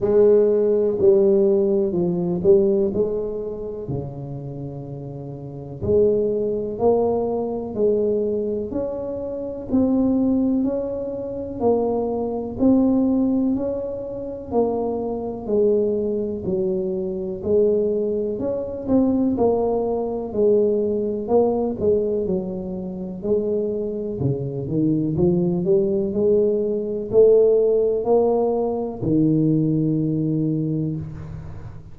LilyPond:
\new Staff \with { instrumentName = "tuba" } { \time 4/4 \tempo 4 = 62 gis4 g4 f8 g8 gis4 | cis2 gis4 ais4 | gis4 cis'4 c'4 cis'4 | ais4 c'4 cis'4 ais4 |
gis4 fis4 gis4 cis'8 c'8 | ais4 gis4 ais8 gis8 fis4 | gis4 cis8 dis8 f8 g8 gis4 | a4 ais4 dis2 | }